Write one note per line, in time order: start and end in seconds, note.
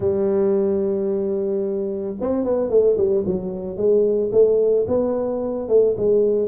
0.00 2.15 G3
2.20 2.44 C4
2.44 2.69 B3
2.69 2.96 A3
2.97 3.24 G3
3.26 3.76 F#3
3.76 4.30 G#3
4.31 4.86 A3
4.87 5.68 B3
5.68 5.95 A3
5.97 6.48 G#3